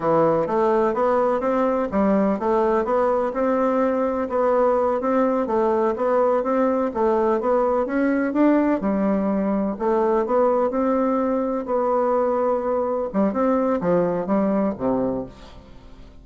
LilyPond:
\new Staff \with { instrumentName = "bassoon" } { \time 4/4 \tempo 4 = 126 e4 a4 b4 c'4 | g4 a4 b4 c'4~ | c'4 b4. c'4 a8~ | a8 b4 c'4 a4 b8~ |
b8 cis'4 d'4 g4.~ | g8 a4 b4 c'4.~ | c'8 b2. g8 | c'4 f4 g4 c4 | }